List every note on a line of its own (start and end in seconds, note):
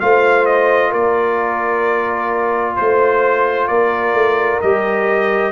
0.00 0.93 A3
0.00 4.62 F4
0.00 0.90 C5
0.00 0.46 F5
0.46 0.92 D#5
0.90 2.78 A#3
0.90 2.75 A#4
0.90 2.76 D5
2.76 3.69 A3
2.76 3.68 C5
2.76 3.69 C5
3.68 4.14 A#3
3.68 5.52 A#4
3.68 4.60 D5
4.14 4.60 A3
4.61 5.52 G3
4.61 5.52 G4
4.61 5.52 D#5